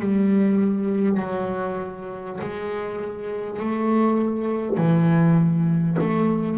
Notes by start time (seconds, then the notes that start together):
0.00 G3
1.19 F#3
2.40 G#3
3.59 A3
4.77 E3
6.00 A3